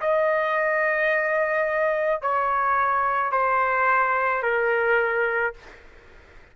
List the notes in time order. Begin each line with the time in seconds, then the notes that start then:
0.00 D#5
2.21 C#5
3.31 C5
4.42 A#4